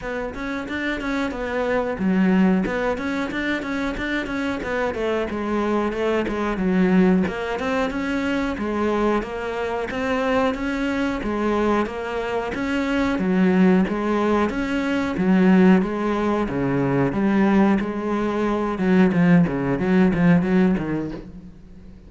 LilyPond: \new Staff \with { instrumentName = "cello" } { \time 4/4 \tempo 4 = 91 b8 cis'8 d'8 cis'8 b4 fis4 | b8 cis'8 d'8 cis'8 d'8 cis'8 b8 a8 | gis4 a8 gis8 fis4 ais8 c'8 | cis'4 gis4 ais4 c'4 |
cis'4 gis4 ais4 cis'4 | fis4 gis4 cis'4 fis4 | gis4 cis4 g4 gis4~ | gis8 fis8 f8 cis8 fis8 f8 fis8 dis8 | }